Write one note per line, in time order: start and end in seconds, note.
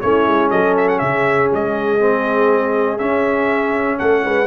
0.00 0.26 A3
0.00 1.99 C#4
0.00 0.51 E4
0.00 0.50 C#5
0.26 0.51 G#3
0.50 1.01 F#3
0.50 1.01 A4
0.50 0.74 D#5
0.77 0.88 E5
0.88 0.98 F#5
0.98 1.50 C#3
0.98 3.98 G#4
0.98 1.48 E5
1.52 3.00 G#3
1.52 2.98 D#5
1.99 2.98 C4
2.98 4.47 C#4
2.98 3.99 C#4
2.98 3.97 E5
3.98 4.24 A3
3.98 4.23 A4
3.98 4.47 F#5
4.24 4.47 G#3
4.24 4.47 B4